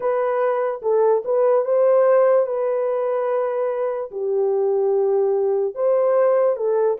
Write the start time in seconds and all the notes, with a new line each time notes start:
0.00 B4
0.81 A4
1.24 B4
1.64 C5
2.46 B4
4.11 G4
5.75 C5
6.56 A4